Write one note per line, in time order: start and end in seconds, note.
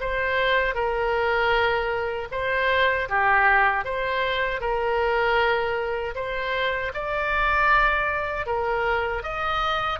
0.00 0.74 C5
0.74 2.28 A#4
2.31 3.08 C5
3.09 3.85 G4
3.85 4.61 C5
4.61 6.15 A#4
6.15 6.92 C5
6.94 8.46 D5
8.46 9.23 A#4
9.23 9.99 D#5